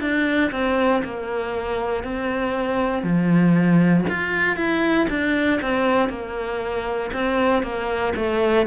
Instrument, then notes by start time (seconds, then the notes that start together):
cello
0.00 D4
0.51 C4
1.04 A#3
2.03 C4
3.03 F3
4.09 F4
4.56 E4
5.09 D4
5.61 C4
6.09 A#3
7.13 C4
7.62 A#3
8.16 A3